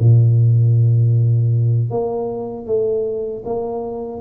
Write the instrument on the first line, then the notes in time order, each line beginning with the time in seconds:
tuba
0.00 A#2
1.90 A#3
2.66 A3
3.45 A#3